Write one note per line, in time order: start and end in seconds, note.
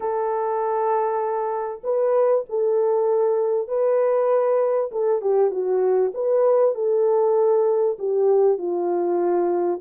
0.00 1.81 A4
1.83 2.45 B4
2.49 3.68 A4
3.68 4.90 B4
4.91 5.21 A4
5.21 5.50 G4
5.50 6.11 F#4
6.14 6.74 B4
6.74 7.97 A4
7.98 8.57 G4
8.57 9.80 F4